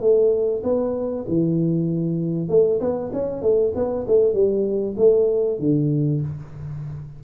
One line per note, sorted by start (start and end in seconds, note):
0.00 0.62 A3
0.63 1.25 B3
1.27 2.49 E3
2.49 2.79 A3
2.80 3.11 B3
3.12 3.42 C#4
3.42 3.73 A3
3.75 4.05 B3
4.07 4.33 A3
4.33 4.95 G3
4.97 5.59 A3
5.59 6.21 D3